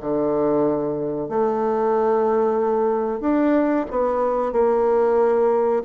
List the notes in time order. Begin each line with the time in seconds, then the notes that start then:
0.00 D3
1.29 A3
3.20 D4
3.90 B3
4.52 A#3